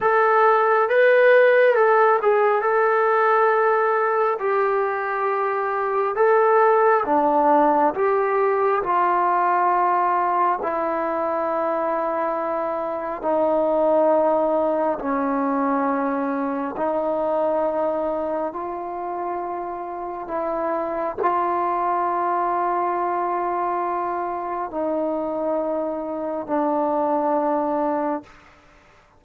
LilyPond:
\new Staff \with { instrumentName = "trombone" } { \time 4/4 \tempo 4 = 68 a'4 b'4 a'8 gis'8 a'4~ | a'4 g'2 a'4 | d'4 g'4 f'2 | e'2. dis'4~ |
dis'4 cis'2 dis'4~ | dis'4 f'2 e'4 | f'1 | dis'2 d'2 | }